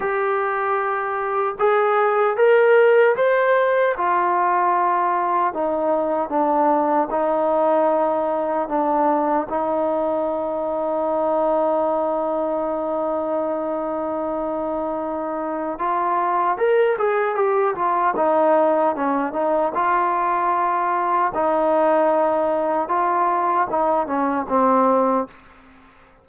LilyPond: \new Staff \with { instrumentName = "trombone" } { \time 4/4 \tempo 4 = 76 g'2 gis'4 ais'4 | c''4 f'2 dis'4 | d'4 dis'2 d'4 | dis'1~ |
dis'1 | f'4 ais'8 gis'8 g'8 f'8 dis'4 | cis'8 dis'8 f'2 dis'4~ | dis'4 f'4 dis'8 cis'8 c'4 | }